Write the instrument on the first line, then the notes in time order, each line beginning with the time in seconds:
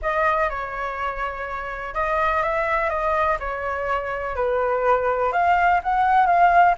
flute
0.01 D#5
0.49 C#5
1.94 D#5
2.42 E5
2.89 D#5
3.39 C#5
4.35 B4
5.32 F5
5.83 F#5
6.26 F5